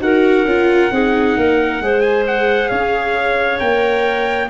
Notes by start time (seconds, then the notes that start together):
0.00 D#4 F#4 A#4 F#5
0.45 C#4 F4
0.91 C4 D#4 G#4
1.37 A#3 A#4
1.81 G#3 G#4 C5
2.01 G#5
2.27 F#5
2.69 C#4 C#5 F5
3.59 A#3 A#4 G5